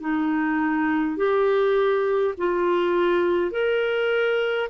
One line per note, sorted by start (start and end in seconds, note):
0.00 1.17 D#4
1.17 2.34 G4
2.37 3.51 F4
3.51 4.68 A#4